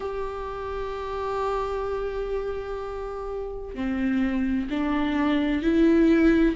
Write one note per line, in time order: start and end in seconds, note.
0.00 3.75 G4
3.75 4.68 C4
4.70 5.62 D4
5.62 6.55 E4